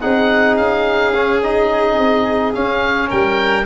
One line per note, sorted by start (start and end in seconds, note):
0.00 0.57 C4
0.00 1.13 D#4
0.00 3.08 G#4
0.00 0.56 F#5
0.56 1.98 C#4
0.56 1.41 F5
1.14 1.42 C#4
1.42 2.53 D#4
1.42 2.54 D#5
1.98 2.54 C4
2.53 3.65 C#4
2.53 3.11 C#4
2.53 3.10 F5
3.08 3.66 G3
3.08 3.64 A#4
3.08 3.66 G5